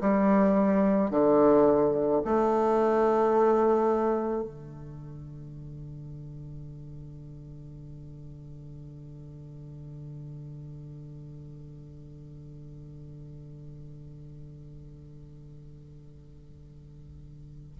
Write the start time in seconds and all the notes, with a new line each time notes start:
0.00 G3
1.10 D3
2.25 A3
4.43 D3